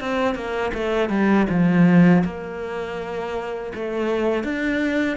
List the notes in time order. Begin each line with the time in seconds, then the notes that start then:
0.00 C4
0.35 A#3
0.74 A3
1.10 G3
1.49 F3
2.25 A#3
3.75 A3
4.44 D4